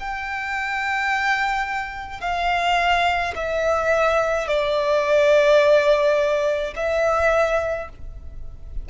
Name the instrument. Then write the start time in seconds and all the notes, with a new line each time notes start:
violin
0.00 G5
2.21 F5
3.36 E5
4.48 D5
6.76 E5